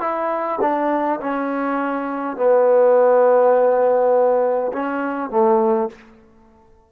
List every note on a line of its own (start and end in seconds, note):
0.00 0.59 E4
0.60 1.19 D4
1.20 2.36 C#4
2.36 4.72 B3
4.72 5.30 C#4
5.30 5.89 A3